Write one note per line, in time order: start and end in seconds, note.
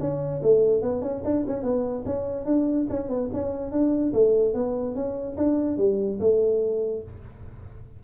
0.00 0.41 C#4
0.43 0.82 A3
0.82 1.02 B3
1.02 1.22 C#4
1.25 1.45 D4
1.47 1.63 C#4
1.63 2.04 B3
2.06 2.45 C#4
2.45 2.87 D4
2.89 3.09 C#4
3.09 3.30 B3
3.33 3.71 C#4
3.71 4.13 D4
4.13 4.54 A3
4.54 4.95 B3
4.95 5.36 C#4
5.37 5.78 D4
5.78 6.19 G3
6.20 7.03 A3